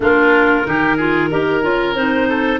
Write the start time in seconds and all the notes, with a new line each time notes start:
0.00 A#3 D4 F4 A#4
0.64 D#3 D#4 G4
0.96 F4 G#4
1.30 D#4 G4 A#4
1.62 C#4 F4
1.94 C4 D#4 C5
2.28 A4